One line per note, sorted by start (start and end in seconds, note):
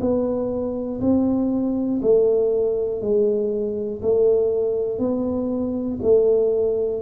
0.00 1.00 B3
1.00 2.00 C4
2.01 3.00 A3
3.00 4.00 G#3
4.01 4.99 A3
4.99 5.99 B3
6.02 7.01 A3